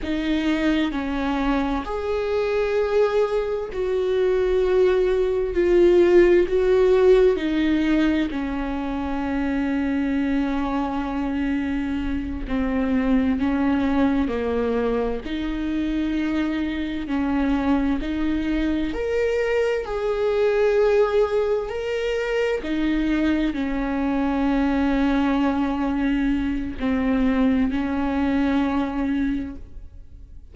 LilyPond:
\new Staff \with { instrumentName = "viola" } { \time 4/4 \tempo 4 = 65 dis'4 cis'4 gis'2 | fis'2 f'4 fis'4 | dis'4 cis'2.~ | cis'4. c'4 cis'4 ais8~ |
ais8 dis'2 cis'4 dis'8~ | dis'8 ais'4 gis'2 ais'8~ | ais'8 dis'4 cis'2~ cis'8~ | cis'4 c'4 cis'2 | }